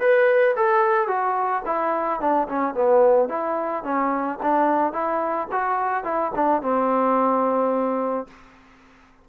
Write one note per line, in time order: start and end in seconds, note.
0.00 0.55 B4
0.56 1.07 A4
1.07 1.62 F#4
1.65 2.20 E4
2.20 2.48 D4
2.48 2.74 C#4
2.74 3.29 B3
3.29 3.84 E4
3.84 4.39 C#4
4.42 4.93 D4
4.93 5.48 E4
5.52 6.04 F#4
6.04 6.31 E4
6.35 6.62 D4
6.62 8.27 C4